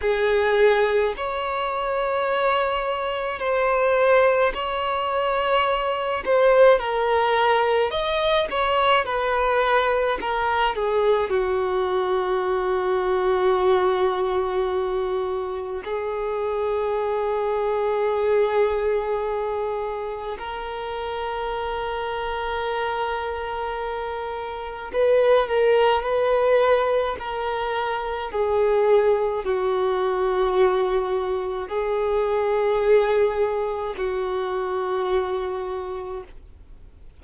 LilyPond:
\new Staff \with { instrumentName = "violin" } { \time 4/4 \tempo 4 = 53 gis'4 cis''2 c''4 | cis''4. c''8 ais'4 dis''8 cis''8 | b'4 ais'8 gis'8 fis'2~ | fis'2 gis'2~ |
gis'2 ais'2~ | ais'2 b'8 ais'8 b'4 | ais'4 gis'4 fis'2 | gis'2 fis'2 | }